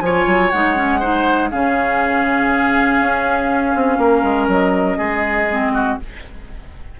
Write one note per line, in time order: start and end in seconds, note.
0.00 0.25 F3
0.00 0.52 F4
0.00 0.99 C#5
0.00 0.49 G#5
0.26 0.51 F#3
0.49 1.52 G#3
0.49 0.75 D#4
0.49 1.49 F#5
0.75 1.00 C#4
0.99 1.50 D#4
0.99 1.49 C5
1.50 3.00 C#3
1.50 5.47 C#4
1.50 3.98 G#4
1.50 4.48 F5
3.00 3.74 C#4
3.74 3.97 C4
3.97 4.22 A#3
3.97 4.97 A#4
4.23 4.47 G#3
4.47 4.97 F#3
4.47 5.99 D#5
4.97 5.97 G#3
4.97 5.72 G#4
5.50 5.99 C4
5.73 5.98 F#4